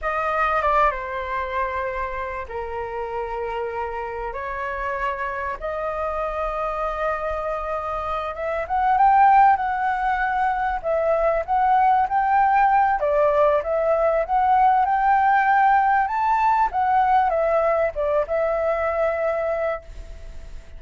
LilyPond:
\new Staff \with { instrumentName = "flute" } { \time 4/4 \tempo 4 = 97 dis''4 d''8 c''2~ c''8 | ais'2. cis''4~ | cis''4 dis''2.~ | dis''4. e''8 fis''8 g''4 fis''8~ |
fis''4. e''4 fis''4 g''8~ | g''4 d''4 e''4 fis''4 | g''2 a''4 fis''4 | e''4 d''8 e''2~ e''8 | }